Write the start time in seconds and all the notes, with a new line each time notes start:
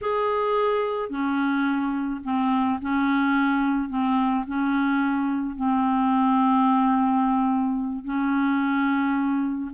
0.01 G#4
1.09 C#4
2.24 C4
2.81 C#4
3.89 C4
4.47 C#4
5.55 C4
8.04 C#4